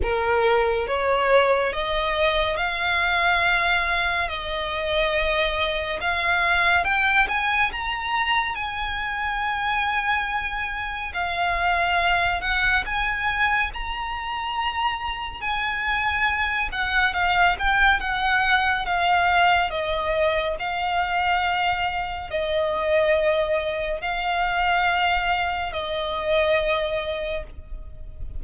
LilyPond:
\new Staff \with { instrumentName = "violin" } { \time 4/4 \tempo 4 = 70 ais'4 cis''4 dis''4 f''4~ | f''4 dis''2 f''4 | g''8 gis''8 ais''4 gis''2~ | gis''4 f''4. fis''8 gis''4 |
ais''2 gis''4. fis''8 | f''8 g''8 fis''4 f''4 dis''4 | f''2 dis''2 | f''2 dis''2 | }